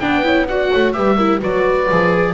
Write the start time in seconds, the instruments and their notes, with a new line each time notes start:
0.00 double bass B3, viola D4, horn B4, oboe G5
0.23 viola E4, horn C#5
0.48 viola F#4, horn D5, oboe F#5
0.71 double bass A3, horn C#5
0.93 double bass G3, viola G4, horn B4, oboe E5
1.16 viola E4, horn A#4
1.40 double bass F#3, viola F#4, horn B4, oboe D5
1.91 double bass F3, viola G#4